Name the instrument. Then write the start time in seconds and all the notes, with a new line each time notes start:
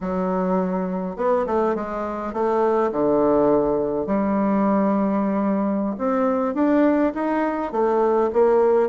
bassoon
0.00 F#3
1.16 B3
1.46 A3
1.75 G#3
2.33 A3
2.91 D3
4.06 G3
5.98 C4
6.54 D4
7.14 D#4
7.72 A3
8.32 A#3